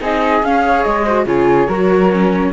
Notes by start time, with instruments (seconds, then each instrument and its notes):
0.00 cello C4, viola D#4, flute G#4 D#5
0.42 cello C#4, viola C#4, flute F5
0.61 viola G#4
0.67 flute C#5
0.83 cello G#3, flute D#5
1.05 viola F#4, flute C5
1.25 cello C#3, viola F4, flute G#4 C#5
1.67 cello F#3, viola F#4, flute A#4
2.11 viola C#4